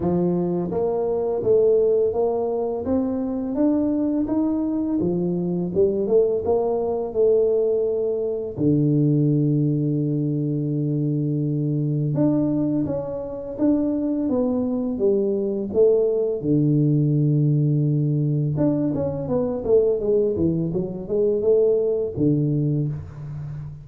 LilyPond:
\new Staff \with { instrumentName = "tuba" } { \time 4/4 \tempo 4 = 84 f4 ais4 a4 ais4 | c'4 d'4 dis'4 f4 | g8 a8 ais4 a2 | d1~ |
d4 d'4 cis'4 d'4 | b4 g4 a4 d4~ | d2 d'8 cis'8 b8 a8 | gis8 e8 fis8 gis8 a4 d4 | }